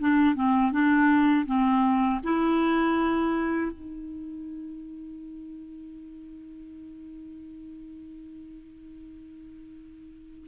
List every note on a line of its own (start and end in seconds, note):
0.00 0.35 D4
0.35 0.72 C4
0.72 1.46 D4
1.46 2.21 C4
2.24 3.72 E4
3.72 10.47 D#4